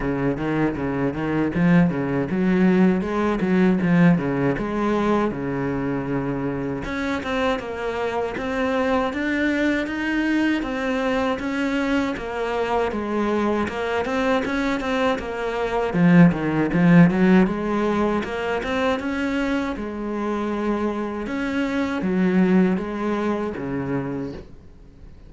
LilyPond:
\new Staff \with { instrumentName = "cello" } { \time 4/4 \tempo 4 = 79 cis8 dis8 cis8 dis8 f8 cis8 fis4 | gis8 fis8 f8 cis8 gis4 cis4~ | cis4 cis'8 c'8 ais4 c'4 | d'4 dis'4 c'4 cis'4 |
ais4 gis4 ais8 c'8 cis'8 c'8 | ais4 f8 dis8 f8 fis8 gis4 | ais8 c'8 cis'4 gis2 | cis'4 fis4 gis4 cis4 | }